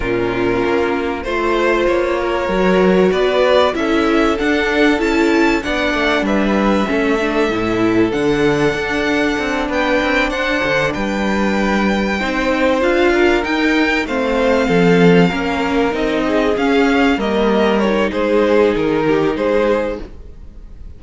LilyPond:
<<
  \new Staff \with { instrumentName = "violin" } { \time 4/4 \tempo 4 = 96 ais'2 c''4 cis''4~ | cis''4 d''4 e''4 fis''4 | a''4 fis''4 e''2~ | e''4 fis''2~ fis''8 g''8~ |
g''8 fis''4 g''2~ g''8~ | g''8 f''4 g''4 f''4.~ | f''4. dis''4 f''4 dis''8~ | dis''8 cis''8 c''4 ais'4 c''4 | }
  \new Staff \with { instrumentName = "violin" } { \time 4/4 f'2 c''4. ais'8~ | ais'4 b'4 a'2~ | a'4 d''4 b'4 a'4~ | a'2.~ a'8 b'8~ |
b'8 c''4 b'2 c''8~ | c''4 ais'4. c''4 a'8~ | a'8 ais'4. gis'4. ais'8~ | ais'4 gis'4. g'8 gis'4 | }
  \new Staff \with { instrumentName = "viola" } { \time 4/4 cis'2 f'2 | fis'2 e'4 d'4 | e'4 d'2 cis'8 d'8 | e'4 d'2.~ |
d'2.~ d'8 dis'8~ | dis'8 f'4 dis'4 c'4.~ | c'8 cis'4 dis'4 cis'4 ais8~ | ais8 dis'2.~ dis'8 | }
  \new Staff \with { instrumentName = "cello" } { \time 4/4 ais,4 ais4 a4 ais4 | fis4 b4 cis'4 d'4 | cis'4 b8 a8 g4 a4 | a,4 d4 d'4 c'8 b8 |
c'8 d'8 d8 g2 c'8~ | c'8 d'4 dis'4 a4 f8~ | f8 ais4 c'4 cis'4 g8~ | g4 gis4 dis4 gis4 | }
>>